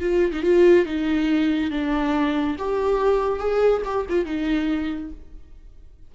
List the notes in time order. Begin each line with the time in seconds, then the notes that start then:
0.00 F4
0.32 D#4
0.43 F4
0.86 D#4
1.71 D4
2.59 G4
3.39 G#4
3.85 G4
4.09 F4
4.25 D#4